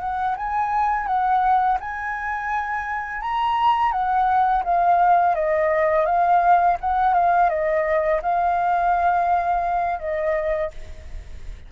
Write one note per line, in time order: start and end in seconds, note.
0.00 0.36 F#5
0.37 1.07 G#5
1.07 1.78 F#5
1.81 3.22 G#5
3.22 3.92 A#5
3.92 4.63 F#5
4.64 5.35 F5
5.35 6.06 D#5
6.06 6.77 F5
6.81 7.14 F#5
7.14 7.50 F5
7.50 8.21 D#5
8.22 10.00 F5
10.00 10.71 D#5